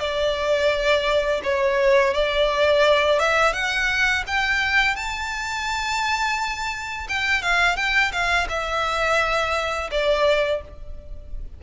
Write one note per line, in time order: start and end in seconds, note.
0.00 1.41 D5
1.44 2.14 C#5
2.14 3.20 D5
3.20 3.53 E5
3.53 4.24 F#5
4.27 4.96 G5
4.96 7.07 A5
7.09 7.42 G5
7.42 7.76 F5
7.76 8.12 G5
8.12 8.48 F5
8.49 9.90 E5
9.91 10.62 D5